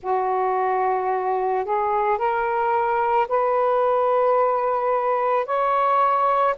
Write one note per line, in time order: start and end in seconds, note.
0.02 1.64 F#4
1.64 2.18 G#4
2.18 3.27 A#4
3.28 5.45 B4
5.45 6.55 C#5